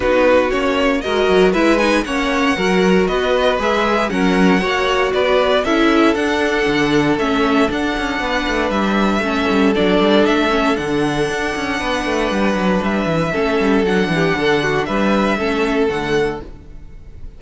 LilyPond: <<
  \new Staff \with { instrumentName = "violin" } { \time 4/4 \tempo 4 = 117 b'4 cis''4 dis''4 e''8 gis''8 | fis''2 dis''4 e''4 | fis''2 d''4 e''4 | fis''2 e''4 fis''4~ |
fis''4 e''2 d''4 | e''4 fis''2.~ | fis''4 e''2 fis''4~ | fis''4 e''2 fis''4 | }
  \new Staff \with { instrumentName = "violin" } { \time 4/4 fis'2 ais'4 b'4 | cis''4 ais'4 b'2 | ais'4 cis''4 b'4 a'4~ | a'1 |
b'2 a'2~ | a'2. b'4~ | b'2 a'4. g'8 | a'8 fis'8 b'4 a'2 | }
  \new Staff \with { instrumentName = "viola" } { \time 4/4 dis'4 cis'4 fis'4 e'8 dis'8 | cis'4 fis'2 gis'4 | cis'4 fis'2 e'4 | d'2 cis'4 d'4~ |
d'2 cis'4 d'4~ | d'8 cis'8 d'2.~ | d'2 cis'4 d'4~ | d'2 cis'4 a4 | }
  \new Staff \with { instrumentName = "cello" } { \time 4/4 b4 ais4 gis8 fis8 gis4 | ais4 fis4 b4 gis4 | fis4 ais4 b4 cis'4 | d'4 d4 a4 d'8 cis'8 |
b8 a8 g4 a8 g8 fis8 g8 | a4 d4 d'8 cis'8 b8 a8 | g8 fis8 g8 e8 a8 g8 fis8 e8 | d4 g4 a4 d4 | }
>>